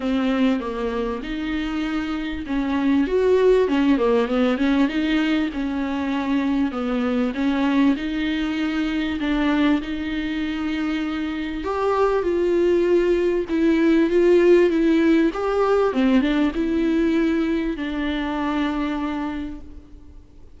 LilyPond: \new Staff \with { instrumentName = "viola" } { \time 4/4 \tempo 4 = 98 c'4 ais4 dis'2 | cis'4 fis'4 cis'8 ais8 b8 cis'8 | dis'4 cis'2 b4 | cis'4 dis'2 d'4 |
dis'2. g'4 | f'2 e'4 f'4 | e'4 g'4 c'8 d'8 e'4~ | e'4 d'2. | }